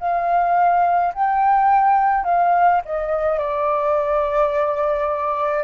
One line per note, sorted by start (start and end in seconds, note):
0.00 1.13 F5
1.14 2.24 G5
2.24 2.80 F5
2.85 3.39 D#5
3.39 5.64 D5